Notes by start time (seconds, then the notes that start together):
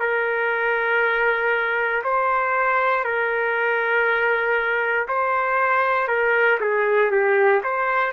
0.00 A#4
2.04 C5
3.05 A#4
5.08 C5
6.08 A#4
6.61 G#4
7.11 G4
7.64 C5